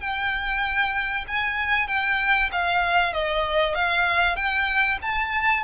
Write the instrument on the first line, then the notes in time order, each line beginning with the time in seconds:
violin
0.00 G5
1.28 G#5
1.87 G5
2.52 F5
3.13 D#5
3.75 F5
4.36 G5
5.02 A5